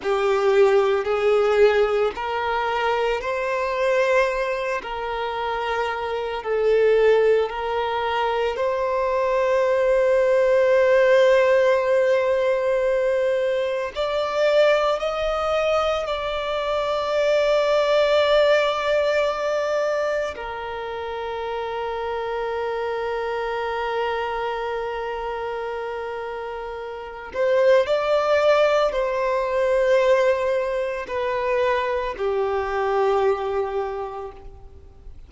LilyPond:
\new Staff \with { instrumentName = "violin" } { \time 4/4 \tempo 4 = 56 g'4 gis'4 ais'4 c''4~ | c''8 ais'4. a'4 ais'4 | c''1~ | c''4 d''4 dis''4 d''4~ |
d''2. ais'4~ | ais'1~ | ais'4. c''8 d''4 c''4~ | c''4 b'4 g'2 | }